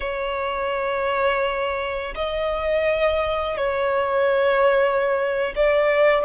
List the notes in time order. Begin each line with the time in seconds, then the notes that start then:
0.00 C#5
2.14 D#5
3.57 C#5
5.55 D5